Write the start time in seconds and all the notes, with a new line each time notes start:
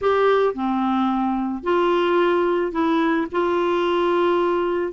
0.01 G4
0.54 C4
1.63 F4
2.72 E4
3.31 F4